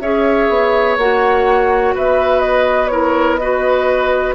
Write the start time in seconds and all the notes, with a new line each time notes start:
0.00 C#4 G#4 C#5 E5
0.48 B3
0.97 A#3 F#4 F#5
1.95 B3 B4 E5
2.40 D#5
2.87 E4 A#4 C#5
3.36 F#4 B4 D#5